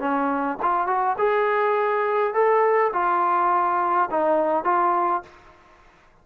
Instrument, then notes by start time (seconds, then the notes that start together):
trombone
0.00 C#4
0.62 F4
0.87 F#4
1.19 G#4
2.34 A4
2.93 F4
4.11 D#4
4.65 F4